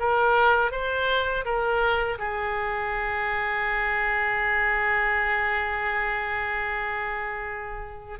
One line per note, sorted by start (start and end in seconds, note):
0.00 0.72 A#4
0.72 1.45 C5
1.45 2.18 A#4
2.19 8.20 G#4